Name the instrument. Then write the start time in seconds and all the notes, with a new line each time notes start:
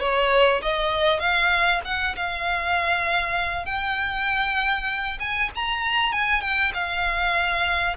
violin
0.00 C#5
0.62 D#5
1.20 F5
1.85 F#5
2.16 F5
3.65 G5
5.20 G#5
5.55 A#5
6.13 G#5
6.41 G5
6.74 F5